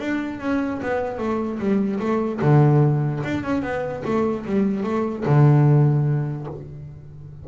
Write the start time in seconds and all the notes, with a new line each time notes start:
0.00 D4
0.40 C#4
0.83 B3
1.19 A3
1.59 G3
2.00 A3
2.42 D3
3.24 D4
3.44 C#4
3.63 B3
4.05 A3
4.46 G3
4.84 A3
5.26 D3